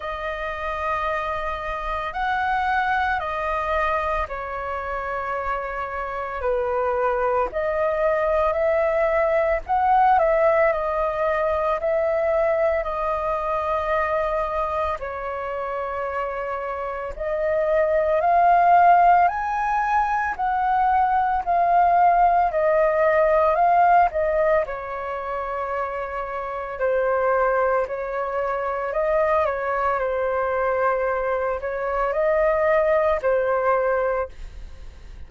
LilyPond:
\new Staff \with { instrumentName = "flute" } { \time 4/4 \tempo 4 = 56 dis''2 fis''4 dis''4 | cis''2 b'4 dis''4 | e''4 fis''8 e''8 dis''4 e''4 | dis''2 cis''2 |
dis''4 f''4 gis''4 fis''4 | f''4 dis''4 f''8 dis''8 cis''4~ | cis''4 c''4 cis''4 dis''8 cis''8 | c''4. cis''8 dis''4 c''4 | }